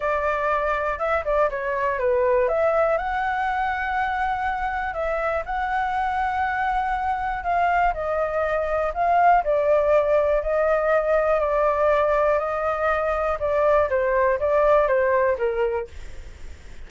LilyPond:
\new Staff \with { instrumentName = "flute" } { \time 4/4 \tempo 4 = 121 d''2 e''8 d''8 cis''4 | b'4 e''4 fis''2~ | fis''2 e''4 fis''4~ | fis''2. f''4 |
dis''2 f''4 d''4~ | d''4 dis''2 d''4~ | d''4 dis''2 d''4 | c''4 d''4 c''4 ais'4 | }